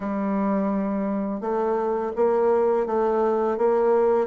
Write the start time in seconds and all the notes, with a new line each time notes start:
0.00 G3
1.40 A3
2.16 A#3
2.86 A3
3.57 A#3